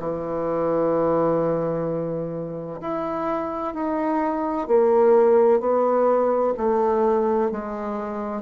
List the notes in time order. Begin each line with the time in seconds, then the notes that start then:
0.00 E3
2.82 E4
3.75 D#4
4.68 A#3
5.60 B3
6.58 A3
7.52 G#3